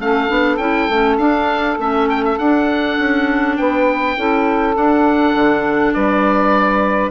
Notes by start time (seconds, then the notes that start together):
0.00 A3 C#4 A4 F5
0.29 B3 D4
0.57 C#4 E4 G5
0.90 A3 C#4
1.18 D4 F5
1.79 A3 C#4 E5
2.10 G5
2.25 E5
2.38 D4 F#5
2.99 C#4
3.57 B3 B4 G5
4.17 C#4 E4 A4
4.74 D4 F#5
5.35 D3
5.94 G3 B4 D5